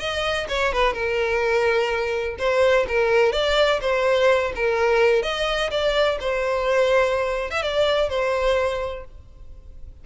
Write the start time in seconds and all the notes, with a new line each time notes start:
0.00 D#5
0.49 C#5
0.73 B4
0.94 A#4
2.39 C5
2.89 A#4
3.33 D5
3.82 C5
4.56 A#4
5.23 D#5
5.71 D5
6.21 C5
7.51 E5
7.63 D5
8.10 C5